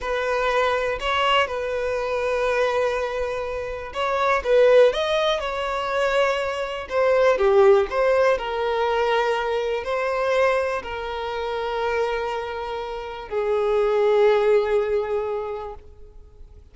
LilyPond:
\new Staff \with { instrumentName = "violin" } { \time 4/4 \tempo 4 = 122 b'2 cis''4 b'4~ | b'1 | cis''4 b'4 dis''4 cis''4~ | cis''2 c''4 g'4 |
c''4 ais'2. | c''2 ais'2~ | ais'2. gis'4~ | gis'1 | }